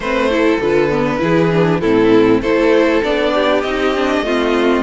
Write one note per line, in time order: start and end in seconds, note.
0.00 0.57 A3
0.00 0.30 C4
0.00 0.30 B4
0.00 0.60 C5
0.30 0.60 E4
0.30 1.21 A4
0.60 1.21 D3
0.60 0.90 F4
0.60 1.80 B4
0.90 1.19 B3
1.19 1.82 E3
1.19 1.49 E4
1.19 1.81 G#4
1.52 1.82 D4
1.80 2.41 A2
1.80 2.43 C4
1.80 2.41 E4
1.80 2.41 A4
2.41 3.01 A3
2.41 3.03 E4
2.41 3.32 A4
2.41 3.02 C5
3.03 3.64 B3
3.03 3.64 D4
3.03 3.61 D5
3.34 4.25 G4
3.61 4.20 C4
3.61 3.94 D#4
3.61 4.82 D#5
3.94 4.25 D4
4.20 4.81 A3
4.20 4.82 C4
4.20 4.82 F4